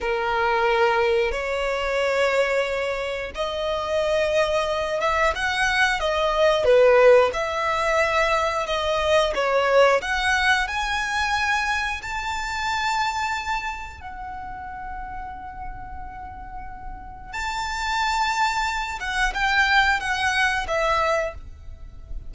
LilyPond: \new Staff \with { instrumentName = "violin" } { \time 4/4 \tempo 4 = 90 ais'2 cis''2~ | cis''4 dis''2~ dis''8 e''8 | fis''4 dis''4 b'4 e''4~ | e''4 dis''4 cis''4 fis''4 |
gis''2 a''2~ | a''4 fis''2.~ | fis''2 a''2~ | a''8 fis''8 g''4 fis''4 e''4 | }